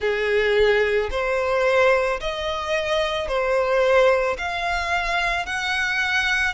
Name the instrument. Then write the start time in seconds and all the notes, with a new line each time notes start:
violin
0.00 G#4
1.11 C5
2.20 D#5
3.27 C5
4.38 F5
5.45 F#5